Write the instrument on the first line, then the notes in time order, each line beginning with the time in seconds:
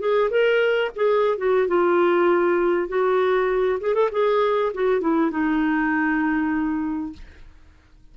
clarinet
0.00 G#4
0.31 A#4
0.96 G#4
1.38 F#4
1.68 F4
2.89 F#4
3.80 G#4
3.95 A4
4.12 G#4
4.74 F#4
5.01 E4
5.31 D#4